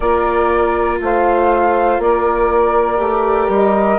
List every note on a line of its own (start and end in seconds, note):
0.00 1.00 A#3
0.00 2.96 F4
0.00 1.00 A#4
0.00 0.97 D5
1.00 1.98 A3
1.00 2.02 C5
1.00 2.01 F5
1.98 2.98 A#3
1.98 3.99 A#4
1.98 3.51 D5
2.96 3.48 A3
2.96 3.96 G4
3.48 3.98 G3
3.48 3.99 D#5